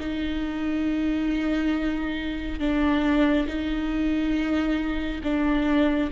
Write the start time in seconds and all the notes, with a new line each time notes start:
0.00 D#4
2.59 D4
3.47 D#4
5.23 D4